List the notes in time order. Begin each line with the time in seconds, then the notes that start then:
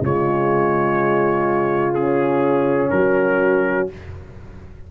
0.00 C#3 G#3 F4 C#5
1.94 C#4 G#4
2.90 F#3 F#4 A#4